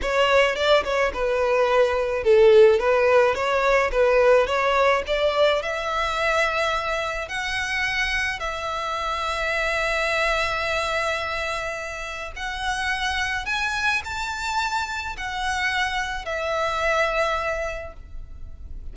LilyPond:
\new Staff \with { instrumentName = "violin" } { \time 4/4 \tempo 4 = 107 cis''4 d''8 cis''8 b'2 | a'4 b'4 cis''4 b'4 | cis''4 d''4 e''2~ | e''4 fis''2 e''4~ |
e''1~ | e''2 fis''2 | gis''4 a''2 fis''4~ | fis''4 e''2. | }